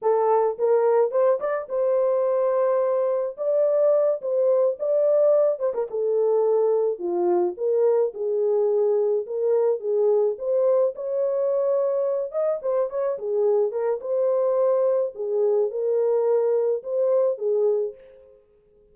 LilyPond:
\new Staff \with { instrumentName = "horn" } { \time 4/4 \tempo 4 = 107 a'4 ais'4 c''8 d''8 c''4~ | c''2 d''4. c''8~ | c''8 d''4. c''16 ais'16 a'4.~ | a'8 f'4 ais'4 gis'4.~ |
gis'8 ais'4 gis'4 c''4 cis''8~ | cis''2 dis''8 c''8 cis''8 gis'8~ | gis'8 ais'8 c''2 gis'4 | ais'2 c''4 gis'4 | }